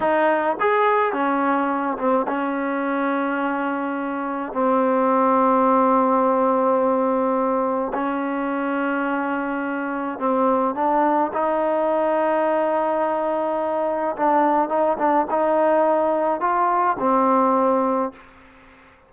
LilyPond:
\new Staff \with { instrumentName = "trombone" } { \time 4/4 \tempo 4 = 106 dis'4 gis'4 cis'4. c'8 | cis'1 | c'1~ | c'2 cis'2~ |
cis'2 c'4 d'4 | dis'1~ | dis'4 d'4 dis'8 d'8 dis'4~ | dis'4 f'4 c'2 | }